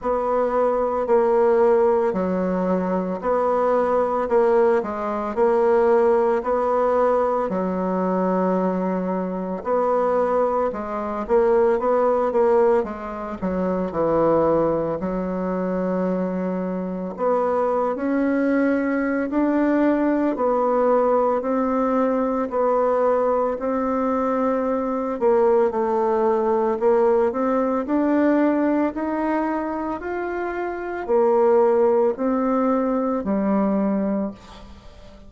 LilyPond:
\new Staff \with { instrumentName = "bassoon" } { \time 4/4 \tempo 4 = 56 b4 ais4 fis4 b4 | ais8 gis8 ais4 b4 fis4~ | fis4 b4 gis8 ais8 b8 ais8 | gis8 fis8 e4 fis2 |
b8. cis'4~ cis'16 d'4 b4 | c'4 b4 c'4. ais8 | a4 ais8 c'8 d'4 dis'4 | f'4 ais4 c'4 g4 | }